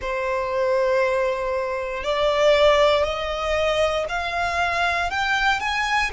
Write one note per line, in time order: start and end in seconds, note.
0.01 2.03 C5
2.03 3.04 D5
3.04 4.05 D#5
4.08 5.10 F5
5.10 5.59 G5
5.59 6.10 G#5